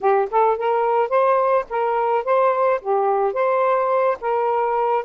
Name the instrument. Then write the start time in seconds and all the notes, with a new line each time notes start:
saxophone
0.00 G4
0.30 A4
0.57 A#4
1.09 C5
1.69 A#4
2.24 C5
2.81 G4
3.33 C5
4.21 A#4